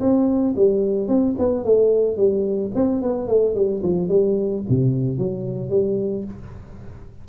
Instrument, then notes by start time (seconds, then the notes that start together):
tuba
0.00 C4
0.56 G3
1.08 C4
1.38 B3
1.64 A3
2.17 G3
2.75 C4
3.02 B3
3.28 A3
3.55 G3
3.83 F3
4.08 G3
4.69 C3
5.18 F#3
5.70 G3